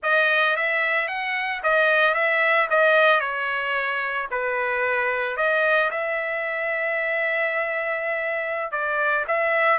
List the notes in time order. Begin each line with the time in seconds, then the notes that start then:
0.03 D#5
0.56 E5
1.07 F#5
1.63 D#5
2.14 E5
2.70 D#5
3.20 C#5
4.30 B4
5.36 D#5
5.90 E5
8.71 D5
9.27 E5